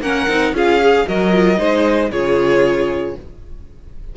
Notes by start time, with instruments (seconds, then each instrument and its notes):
0.00 cello A#3, viola C#4, violin A#4 F#5
0.28 cello C4, viola D#4
0.52 cello C#4, viola F4, violin G#4 F5
0.80 viola G#4
1.06 cello F#3, viola F#4, violin A#4 D#5
1.33 viola F4
1.57 cello G#3, viola D#4, violin C5
2.10 cello C#3, viola F4, violin G#4 C#5